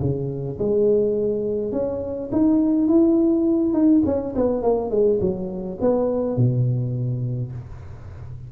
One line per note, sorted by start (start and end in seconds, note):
0.00 0.58 C#3
0.58 1.72 G#3
1.72 2.29 C#4
2.32 2.87 D#4
2.87 3.73 E4
3.73 4.02 D#4
4.05 4.34 C#4
4.35 4.62 B3
4.62 4.90 A#3
4.90 5.19 G#3
5.20 5.78 F#3
5.80 6.36 B3
6.36 7.52 B2